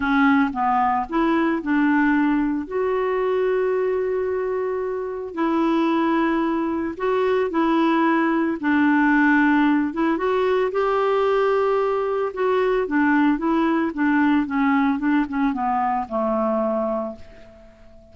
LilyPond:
\new Staff \with { instrumentName = "clarinet" } { \time 4/4 \tempo 4 = 112 cis'4 b4 e'4 d'4~ | d'4 fis'2.~ | fis'2 e'2~ | e'4 fis'4 e'2 |
d'2~ d'8 e'8 fis'4 | g'2. fis'4 | d'4 e'4 d'4 cis'4 | d'8 cis'8 b4 a2 | }